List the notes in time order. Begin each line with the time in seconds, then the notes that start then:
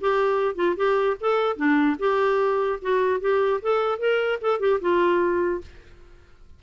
0.00 G4
0.55 F4
0.76 G4
1.20 A4
1.56 D4
1.99 G4
2.81 F#4
3.20 G4
3.61 A4
3.98 A#4
4.41 A4
4.59 G4
4.80 F4